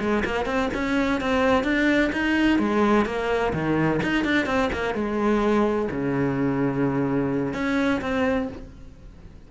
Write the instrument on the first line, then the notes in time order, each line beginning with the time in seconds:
cello
0.00 G#3
0.25 A#3
0.46 C4
0.74 C#4
1.21 C4
1.64 D4
2.13 D#4
2.59 G#3
3.06 A#3
3.53 D#3
4.03 D#4
4.25 D4
4.46 C4
4.73 A#3
4.95 G#3
5.91 C#3
7.54 C#4
8.01 C4